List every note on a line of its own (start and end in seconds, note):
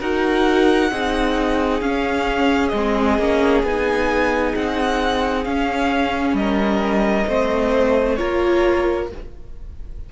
0.00 0.91 D#4
0.00 0.91 F#4
0.00 0.91 A#4
0.00 1.81 F#5
0.91 1.81 C4
0.91 1.82 D#4
0.91 6.37 G#4
1.81 2.72 C#4
1.81 2.73 C#4
1.81 2.68 F5
2.68 3.18 G#3
2.68 3.59 D#5
2.75 3.20 C4
3.18 3.63 A#3
3.18 3.66 C#4
3.63 4.54 B3
3.63 5.44 D#4
3.63 4.55 G#5
4.55 5.45 C4
4.55 5.45 F#5
5.44 7.26 C#4
5.44 6.33 C#4
5.44 6.35 F5
6.33 7.24 G3
6.33 7.28 A#4
6.33 8.16 D#5
7.27 8.18 A3
7.27 8.18 C4
7.27 8.19 C5
8.16 9.12 A#3
8.16 9.09 F4
8.16 9.09 A#4
8.16 9.07 C#5